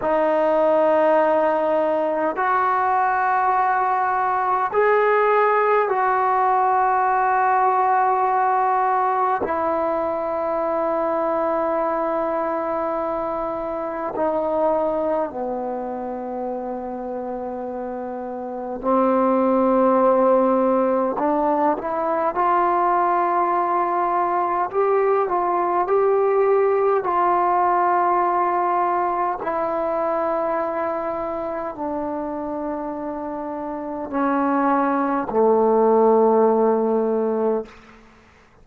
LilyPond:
\new Staff \with { instrumentName = "trombone" } { \time 4/4 \tempo 4 = 51 dis'2 fis'2 | gis'4 fis'2. | e'1 | dis'4 b2. |
c'2 d'8 e'8 f'4~ | f'4 g'8 f'8 g'4 f'4~ | f'4 e'2 d'4~ | d'4 cis'4 a2 | }